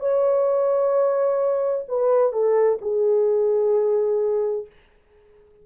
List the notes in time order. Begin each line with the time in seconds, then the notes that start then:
0.00 C#5
1.88 B4
2.32 A4
2.82 G#4